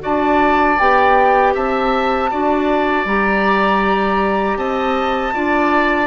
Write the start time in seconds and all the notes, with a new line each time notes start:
0.00 D4 F#4 D5 A5
0.78 B3 G4 G5
1.54 C4 E5 A5
2.31 D4 F#4 D5
3.05 G3 G4 A#5
4.57 C4 D#5 A5
5.33 D4 F4 D5